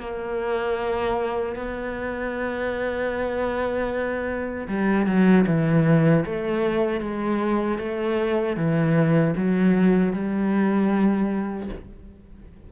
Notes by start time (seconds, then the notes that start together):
0.00 A#3
1.56 B3
4.68 G3
5.07 F#3
5.47 E3
6.26 A3
7.01 G#3
7.79 A3
8.57 E3
9.37 F#3
10.13 G3